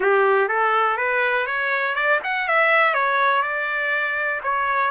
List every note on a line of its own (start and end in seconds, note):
0.00 0.48 G4
0.48 0.97 A4
0.97 1.46 B4
1.46 1.95 C#5
1.95 2.19 D5
2.23 2.48 F#5
2.48 2.94 E5
2.94 3.42 C#5
3.42 4.40 D5
4.43 4.90 C#5